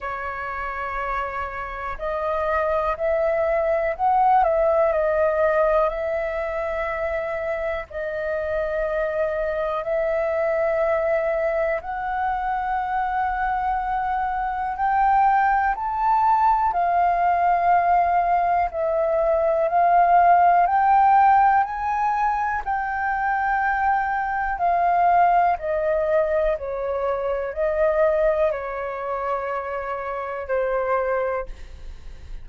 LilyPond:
\new Staff \with { instrumentName = "flute" } { \time 4/4 \tempo 4 = 61 cis''2 dis''4 e''4 | fis''8 e''8 dis''4 e''2 | dis''2 e''2 | fis''2. g''4 |
a''4 f''2 e''4 | f''4 g''4 gis''4 g''4~ | g''4 f''4 dis''4 cis''4 | dis''4 cis''2 c''4 | }